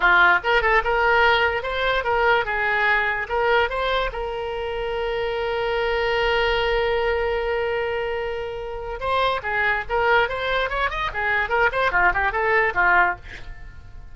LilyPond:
\new Staff \with { instrumentName = "oboe" } { \time 4/4 \tempo 4 = 146 f'4 ais'8 a'8 ais'2 | c''4 ais'4 gis'2 | ais'4 c''4 ais'2~ | ais'1~ |
ais'1~ | ais'2 c''4 gis'4 | ais'4 c''4 cis''8 dis''8 gis'4 | ais'8 c''8 f'8 g'8 a'4 f'4 | }